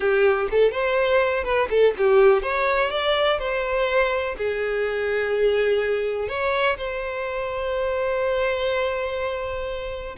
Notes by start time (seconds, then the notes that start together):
0.00 G4
0.51 A4
0.71 C5
1.44 B4
1.70 A4
1.97 G4
2.42 C#5
2.90 D5
3.38 C5
4.37 G#4
6.28 C#5
6.77 C5